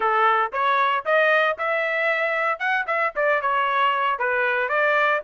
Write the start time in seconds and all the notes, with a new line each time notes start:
0.00 A4
0.52 C#5
1.05 D#5
1.58 E5
2.59 F#5
2.86 E5
3.15 D5
3.41 C#5
4.18 B4
4.68 D5